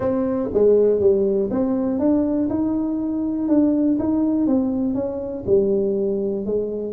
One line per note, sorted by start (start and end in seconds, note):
0.00 0.49 C4
0.53 1.00 G#3
1.00 1.49 G3
1.51 1.99 C4
1.99 2.48 D4
2.49 3.48 D#4
3.48 3.98 D4
3.99 4.46 D#4
4.46 4.94 C4
4.94 5.44 C#4
5.46 6.45 G3
6.45 6.92 G#3